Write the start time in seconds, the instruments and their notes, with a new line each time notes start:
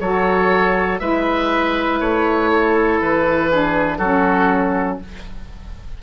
0.00 bassoon F#3, saxophone F#4, oboe A4 C#5
0.99 bassoon G#3, saxophone E4, oboe B4 E5
2.00 bassoon A3, oboe C#5
2.52 oboe A4
3.01 bassoon E3, oboe B4
3.50 saxophone D4, oboe G#4
3.98 bassoon F#3, saxophone C#4, oboe F#4 A4